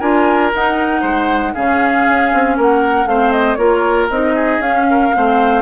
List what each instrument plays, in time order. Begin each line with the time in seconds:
0.00 bassoon D4, clarinet F4, oboe A#4, flute G#5
0.55 bassoon D#4, clarinet D#4, flute F#5
1.01 bassoon G#3, oboe C5
1.54 bassoon C#3, clarinet C#4, oboe G#4, flute F5
2.08 bassoon C#4
2.34 bassoon C4
2.57 bassoon A#3, oboe A#4, flute F#5
3.05 bassoon A3, clarinet C4, oboe C5, flute F5
3.32 flute D#5
3.55 bassoon A#3, clarinet F4, oboe A#4, flute C#5
4.10 bassoon C4, clarinet D#4, flute D#5
4.35 oboe G#4
4.59 bassoon C#4, clarinet C#4, flute F5
4.91 oboe A#4
5.13 bassoon A3, clarinet C4, oboe C5